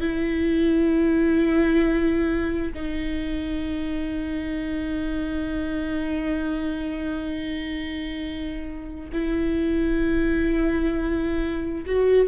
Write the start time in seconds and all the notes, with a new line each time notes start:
0.00 E4
2.73 D#4
9.12 E4
11.86 F#4